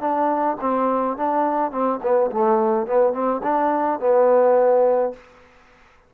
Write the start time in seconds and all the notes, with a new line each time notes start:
0.00 D4
0.60 C4
1.17 D4
1.71 C4
2.02 B3
2.31 A3
2.87 B3
3.13 C4
3.43 D4
4.00 B3